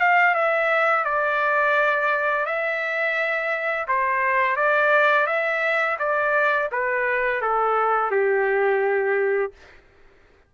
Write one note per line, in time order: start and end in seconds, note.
0.00 0.34 F5
0.34 1.05 E5
1.05 2.45 D5
2.45 3.87 E5
3.88 4.56 C5
4.56 5.27 D5
5.27 5.97 E5
5.99 6.69 D5
6.72 7.41 B4
7.41 8.11 A4
8.11 9.52 G4